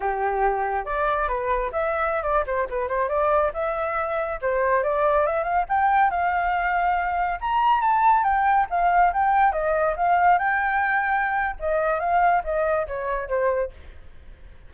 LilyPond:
\new Staff \with { instrumentName = "flute" } { \time 4/4 \tempo 4 = 140 g'2 d''4 b'4 | e''4~ e''16 d''8 c''8 b'8 c''8 d''8.~ | d''16 e''2 c''4 d''8.~ | d''16 e''8 f''8 g''4 f''4.~ f''16~ |
f''4~ f''16 ais''4 a''4 g''8.~ | g''16 f''4 g''4 dis''4 f''8.~ | f''16 g''2~ g''8. dis''4 | f''4 dis''4 cis''4 c''4 | }